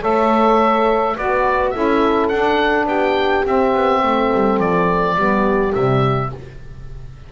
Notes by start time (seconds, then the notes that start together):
0.00 A3 A4 C#5 E5
1.16 B3 F#4 B4 D5
1.70 C#4 E4 A4 E5
2.28 D4 F#5
2.85 B3 G4 G5
3.44 C4 E5
3.74 B3
4.02 A3 A4
4.33 G3
4.59 F3 D5
5.16 G3 B3 G4
5.72 C3 G3 E5